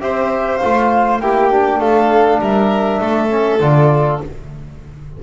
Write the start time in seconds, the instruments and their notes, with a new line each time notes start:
0.00 double bass C4, trombone G4, violin C5, flute E5
0.57 trombone F4, flute F5
0.64 double bass A3
1.20 double bass A#3, trombone E4, violin G4, flute G5
1.50 trombone D4
1.79 double bass A3, violin A4, flute F5
2.39 double bass G3, violin A#4, flute E5
3.00 double bass A3, violin A4
3.29 trombone C#4
3.60 double bass D3, trombone F4, flute D5